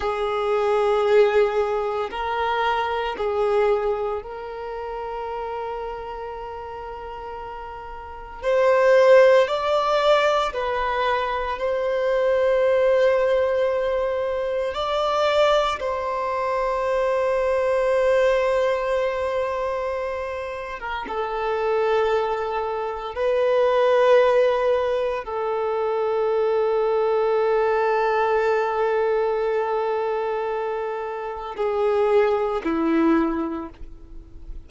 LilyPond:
\new Staff \with { instrumentName = "violin" } { \time 4/4 \tempo 4 = 57 gis'2 ais'4 gis'4 | ais'1 | c''4 d''4 b'4 c''4~ | c''2 d''4 c''4~ |
c''2.~ c''8. ais'16 | a'2 b'2 | a'1~ | a'2 gis'4 e'4 | }